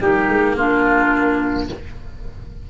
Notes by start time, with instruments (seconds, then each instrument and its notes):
0.00 tuba G3, cello A#3, clarinet D#4, oboe G4
0.29 tuba G#3
0.55 tuba A#3, clarinet D4, oboe F4